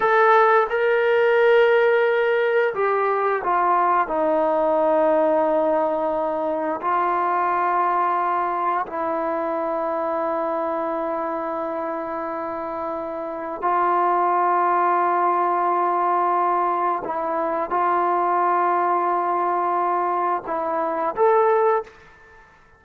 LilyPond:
\new Staff \with { instrumentName = "trombone" } { \time 4/4 \tempo 4 = 88 a'4 ais'2. | g'4 f'4 dis'2~ | dis'2 f'2~ | f'4 e'2.~ |
e'1 | f'1~ | f'4 e'4 f'2~ | f'2 e'4 a'4 | }